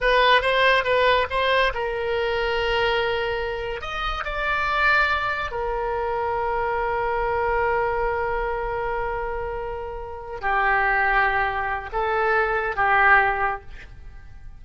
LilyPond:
\new Staff \with { instrumentName = "oboe" } { \time 4/4 \tempo 4 = 141 b'4 c''4 b'4 c''4 | ais'1~ | ais'4 dis''4 d''2~ | d''4 ais'2.~ |
ais'1~ | ais'1~ | ais'8 g'2.~ g'8 | a'2 g'2 | }